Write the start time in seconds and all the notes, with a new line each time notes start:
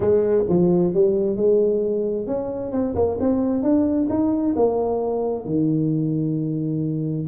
0.00 G#3
0.49 F3
0.93 G3
1.36 G#3
2.26 C#4
2.71 C4
2.95 A#3
3.20 C4
3.62 D4
4.09 D#4
4.56 A#3
5.45 D#3